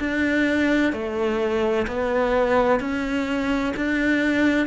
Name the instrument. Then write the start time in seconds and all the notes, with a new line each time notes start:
cello
0.00 D4
0.93 A3
1.87 B3
2.80 C#4
3.77 D4